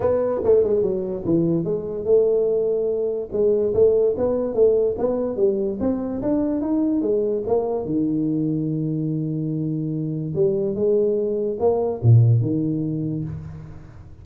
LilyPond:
\new Staff \with { instrumentName = "tuba" } { \time 4/4 \tempo 4 = 145 b4 a8 gis8 fis4 e4 | gis4 a2. | gis4 a4 b4 a4 | b4 g4 c'4 d'4 |
dis'4 gis4 ais4 dis4~ | dis1~ | dis4 g4 gis2 | ais4 ais,4 dis2 | }